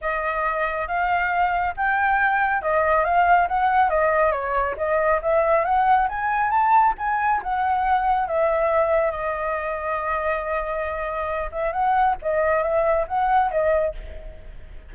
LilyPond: \new Staff \with { instrumentName = "flute" } { \time 4/4 \tempo 4 = 138 dis''2 f''2 | g''2 dis''4 f''4 | fis''4 dis''4 cis''4 dis''4 | e''4 fis''4 gis''4 a''4 |
gis''4 fis''2 e''4~ | e''4 dis''2.~ | dis''2~ dis''8 e''8 fis''4 | dis''4 e''4 fis''4 dis''4 | }